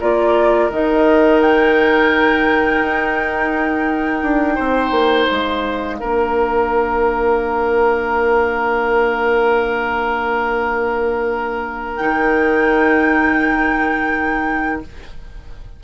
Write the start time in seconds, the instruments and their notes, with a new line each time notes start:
0.00 bassoon A#3, clarinet F4, oboe A#4, flute D5
0.70 bassoon D#3, clarinet D#4, flute D#5
1.41 flute G5
2.81 bassoon D#4
4.23 bassoon D4
4.55 bassoon C4, oboe C5
4.91 bassoon A#3
5.29 bassoon G#3, flute F5
6.00 bassoon A#3, clarinet D4, oboe A#4
11.97 bassoon D#3, clarinet D#4, flute G5